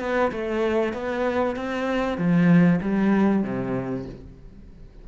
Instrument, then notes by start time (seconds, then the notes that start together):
cello
0.00 B3
0.32 A3
0.93 B3
1.56 C4
2.18 F3
2.82 G3
3.43 C3